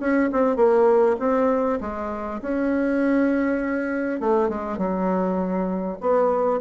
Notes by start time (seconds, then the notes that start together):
0.00 C#4
0.33 C4
0.56 A#3
1.20 C4
1.81 G#3
2.42 C#4
4.21 A3
4.49 G#3
4.78 F#3
6.01 B3